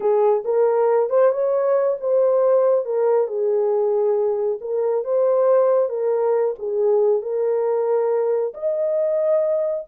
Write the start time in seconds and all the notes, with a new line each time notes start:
0.00 G#4
0.44 A#4
1.09 C5
1.31 C#5
2.00 C5
2.85 A#4
3.27 G#4
4.61 A#4
5.04 C5
5.89 A#4
6.59 G#4
7.22 A#4
8.54 D#5